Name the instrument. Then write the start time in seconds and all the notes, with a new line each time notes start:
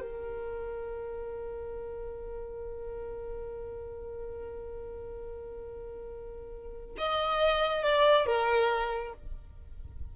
violin
0.00 A#4
6.98 D#5
7.83 D5
8.26 A#4